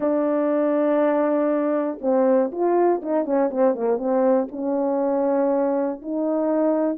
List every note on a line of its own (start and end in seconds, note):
0.00 1.99 D4
2.01 2.51 C4
2.51 3.01 F4
3.02 3.25 D#4
3.25 3.50 C#4
3.50 3.74 C4
3.74 3.97 A#3
3.97 4.47 C4
4.51 6.01 C#4
6.02 6.97 D#4